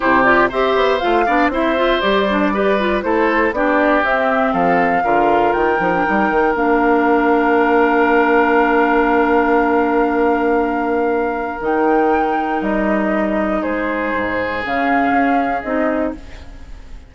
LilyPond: <<
  \new Staff \with { instrumentName = "flute" } { \time 4/4 \tempo 4 = 119 c''8 d''8 e''4 f''4 e''4 | d''2 c''4 d''4 | e''4 f''2 g''4~ | g''4 f''2.~ |
f''1~ | f''2. g''4~ | g''4 dis''2 c''4~ | c''4 f''2 dis''4 | }
  \new Staff \with { instrumentName = "oboe" } { \time 4/4 g'4 c''4. d''8 c''4~ | c''4 b'4 a'4 g'4~ | g'4 a'4 ais'2~ | ais'1~ |
ais'1~ | ais'1~ | ais'2. gis'4~ | gis'1 | }
  \new Staff \with { instrumentName = "clarinet" } { \time 4/4 e'8 f'8 g'4 f'8 d'8 e'8 f'8 | g'8 d'8 g'8 f'8 e'4 d'4 | c'2 f'4. dis'16 d'16 | dis'4 d'2.~ |
d'1~ | d'2. dis'4~ | dis'1~ | dis'4 cis'2 dis'4 | }
  \new Staff \with { instrumentName = "bassoon" } { \time 4/4 c4 c'8 b8 a8 b8 c'4 | g2 a4 b4 | c'4 f4 d4 dis8 f8 | g8 dis8 ais2.~ |
ais1~ | ais2. dis4~ | dis4 g2 gis4 | gis,4 cis4 cis'4 c'4 | }
>>